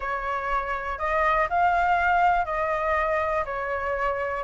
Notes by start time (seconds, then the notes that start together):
0.00 C#5
0.98 D#5
1.49 F5
2.45 D#5
3.45 C#5